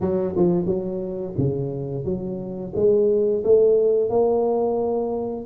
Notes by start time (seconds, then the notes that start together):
0.00 F#3
0.36 F3
0.65 F#3
1.37 C#3
2.05 F#3
2.75 G#3
3.44 A3
4.09 A#3